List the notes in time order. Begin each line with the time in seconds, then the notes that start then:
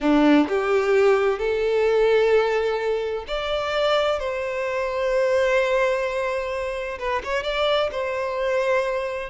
0.00 D4
0.48 G4
1.38 A4
3.27 D5
4.19 C5
6.98 B4
7.24 C#5
7.43 D5
7.91 C5